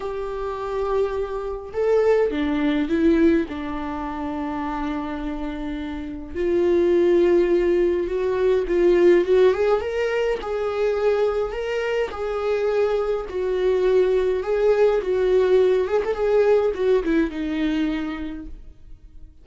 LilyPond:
\new Staff \with { instrumentName = "viola" } { \time 4/4 \tempo 4 = 104 g'2. a'4 | d'4 e'4 d'2~ | d'2. f'4~ | f'2 fis'4 f'4 |
fis'8 gis'8 ais'4 gis'2 | ais'4 gis'2 fis'4~ | fis'4 gis'4 fis'4. gis'16 a'16 | gis'4 fis'8 e'8 dis'2 | }